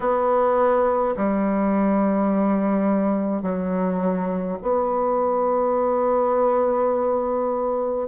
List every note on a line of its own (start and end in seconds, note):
0.00 1.15 B3
1.16 3.42 G3
3.42 4.57 F#3
4.62 8.08 B3